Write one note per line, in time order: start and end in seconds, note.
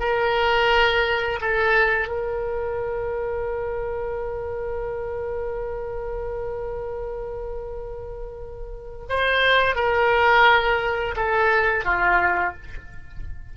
0.00 1.40 A#4
1.41 2.08 A4
2.08 9.06 A#4
9.09 9.75 C5
9.75 11.15 A#4
11.16 11.85 A4
11.85 12.55 F4